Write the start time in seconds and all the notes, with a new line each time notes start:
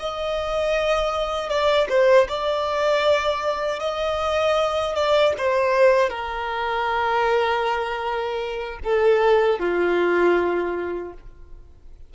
0.00 D#5
1.49 D5
1.89 C5
2.29 D5
3.80 D#5
4.95 D5
5.38 C5
6.10 A#4
8.84 A4
9.59 F4